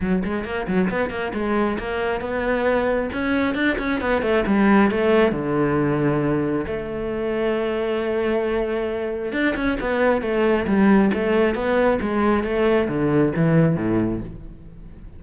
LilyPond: \new Staff \with { instrumentName = "cello" } { \time 4/4 \tempo 4 = 135 fis8 gis8 ais8 fis8 b8 ais8 gis4 | ais4 b2 cis'4 | d'8 cis'8 b8 a8 g4 a4 | d2. a4~ |
a1~ | a4 d'8 cis'8 b4 a4 | g4 a4 b4 gis4 | a4 d4 e4 a,4 | }